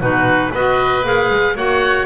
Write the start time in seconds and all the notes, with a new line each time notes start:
0.00 B2 D#4 F#4 B4
0.51 B3 F#4 B4 D#5
1.03 A#3 G#4 F5
1.30 G#3
1.55 A#3 F#4 C#5 F#5